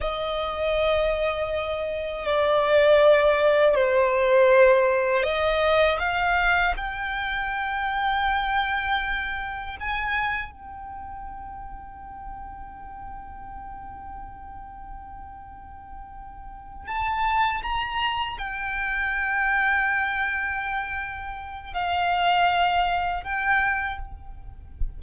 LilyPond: \new Staff \with { instrumentName = "violin" } { \time 4/4 \tempo 4 = 80 dis''2. d''4~ | d''4 c''2 dis''4 | f''4 g''2.~ | g''4 gis''4 g''2~ |
g''1~ | g''2~ g''8 a''4 ais''8~ | ais''8 g''2.~ g''8~ | g''4 f''2 g''4 | }